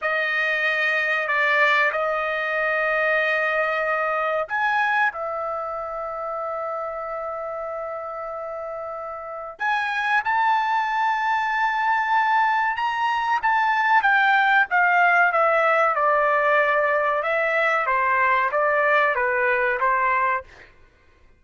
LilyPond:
\new Staff \with { instrumentName = "trumpet" } { \time 4/4 \tempo 4 = 94 dis''2 d''4 dis''4~ | dis''2. gis''4 | e''1~ | e''2. gis''4 |
a''1 | ais''4 a''4 g''4 f''4 | e''4 d''2 e''4 | c''4 d''4 b'4 c''4 | }